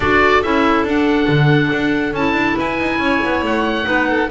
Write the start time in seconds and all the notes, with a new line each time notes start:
0.00 D4 F#4 A4 D5
0.42 C#4 E4 E5
0.83 D4 F#5
1.27 D3
1.72 D4
2.13 C#4 E4 A5
2.33 D4
2.55 E4 B4 G#5
2.79 D#4
2.99 C#4 C#5
3.24 B3
3.42 A3 F#5
3.84 B3 D#4 B4
4.08 A4